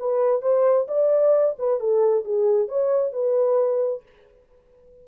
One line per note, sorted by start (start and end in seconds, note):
0.00 0.42 B4
0.42 0.87 C5
0.88 1.56 D5
1.59 1.80 B4
1.80 2.25 A4
2.25 2.69 G#4
2.69 3.13 C#5
3.13 4.03 B4